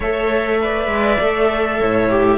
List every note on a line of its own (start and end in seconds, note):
0.00 0.86 A3
0.00 0.61 A4
0.00 0.60 C#5
0.00 2.38 E5
0.61 1.21 B4
0.61 1.80 D5
0.86 1.16 G#3
1.20 1.80 A3
1.20 2.10 A4
1.80 2.38 A2
1.80 2.38 C#5
2.10 2.38 G4